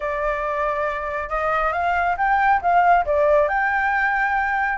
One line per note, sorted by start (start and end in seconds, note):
0.00 1.29 D5
1.29 1.72 D#5
1.72 2.16 F5
2.17 2.60 G5
2.61 3.05 F5
3.05 3.48 D5
3.48 4.77 G5